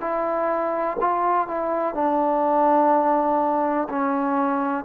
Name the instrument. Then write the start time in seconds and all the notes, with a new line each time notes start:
trombone
0.00 E4
1.00 F4
1.47 E4
1.94 D4
3.89 C#4